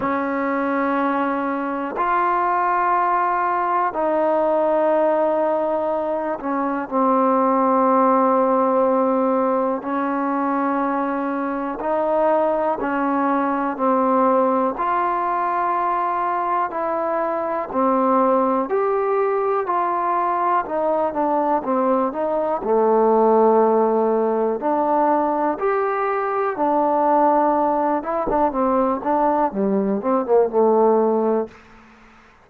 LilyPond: \new Staff \with { instrumentName = "trombone" } { \time 4/4 \tempo 4 = 61 cis'2 f'2 | dis'2~ dis'8 cis'8 c'4~ | c'2 cis'2 | dis'4 cis'4 c'4 f'4~ |
f'4 e'4 c'4 g'4 | f'4 dis'8 d'8 c'8 dis'8 a4~ | a4 d'4 g'4 d'4~ | d'8 e'16 d'16 c'8 d'8 g8 c'16 ais16 a4 | }